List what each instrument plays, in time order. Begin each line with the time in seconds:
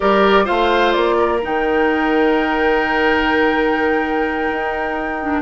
0.00 bassoon G3, clarinet G4, oboe A#4, flute D5
0.44 bassoon A3, clarinet F4, oboe C5, flute F5
0.92 bassoon A#3, flute D5
1.18 oboe A#4
1.42 bassoon D#3, clarinet D#4, flute G5
4.50 bassoon D#4
5.21 clarinet D4